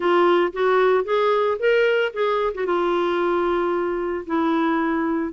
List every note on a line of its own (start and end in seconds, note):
0.00 0.52 F4
0.52 1.04 F#4
1.04 1.57 G#4
1.59 2.12 A#4
2.13 2.53 G#4
2.54 2.65 F#4
2.65 4.25 F4
4.26 5.32 E4